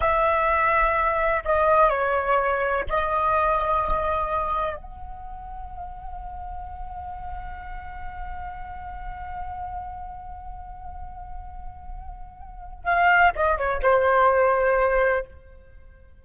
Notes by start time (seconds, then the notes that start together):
0.00 E5
1.44 D#5
1.89 C#5
2.88 D#5
4.76 F#5
12.84 F5
13.35 D#5
13.57 C#5
13.82 C5